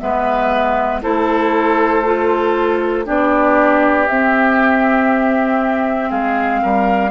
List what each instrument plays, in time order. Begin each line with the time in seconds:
0.00 bassoon G#3, clarinet B3, oboe B4, flute E5
1.02 bassoon A3, clarinet E4, oboe A4, flute C5
2.05 clarinet F4
3.06 bassoon B3, clarinet D4, oboe G4, flute D5
4.08 bassoon C4, clarinet C4, flute E5
6.10 bassoon G#3, oboe G#4, flute F5
6.63 bassoon G3, oboe A#4